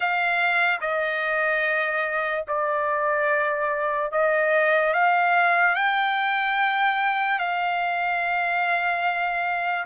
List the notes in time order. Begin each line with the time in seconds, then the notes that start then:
0.00 F5
0.80 D#5
2.47 D5
4.11 D#5
4.93 F5
5.75 G5
7.38 F5